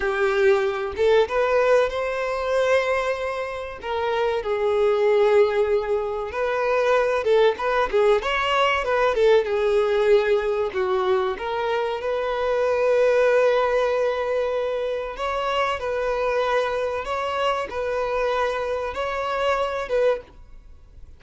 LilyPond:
\new Staff \with { instrumentName = "violin" } { \time 4/4 \tempo 4 = 95 g'4. a'8 b'4 c''4~ | c''2 ais'4 gis'4~ | gis'2 b'4. a'8 | b'8 gis'8 cis''4 b'8 a'8 gis'4~ |
gis'4 fis'4 ais'4 b'4~ | b'1 | cis''4 b'2 cis''4 | b'2 cis''4. b'8 | }